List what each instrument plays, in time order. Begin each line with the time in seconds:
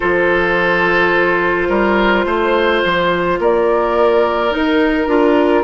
0.00 bassoon F3, clarinet F4, oboe A4, flute C5
1.68 bassoon G3, oboe A#4
2.25 bassoon A3, oboe C5
2.84 bassoon F3
3.39 bassoon A#3, oboe A#4, flute D5
4.51 clarinet D#4, bassoon D#4, flute A#4
5.07 bassoon D4, clarinet F4